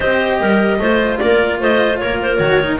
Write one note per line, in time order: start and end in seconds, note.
0.00 0.40 C4
0.00 0.79 G4
0.00 0.39 C5
0.00 1.18 D#5
0.40 0.79 G3
0.40 0.80 A#4
0.79 1.19 A3
0.79 2.40 F4
0.79 1.21 C5
1.18 1.61 A#3
1.18 1.59 A#4
1.18 1.58 D5
1.59 2.01 A3
1.59 1.99 C5
1.59 1.98 D#5
1.98 2.39 A#3
1.98 2.80 A#4
1.98 2.18 C#5
2.22 2.36 C5
2.36 2.79 D#3
2.36 2.60 F#4
2.36 2.76 C#5
2.61 2.80 D#4